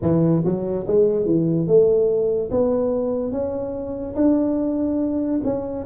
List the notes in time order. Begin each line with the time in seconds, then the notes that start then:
0.02 E3
0.44 F#3
0.87 G#3
1.25 E3
1.67 A3
2.50 B3
3.31 C#4
4.15 D4
5.44 C#4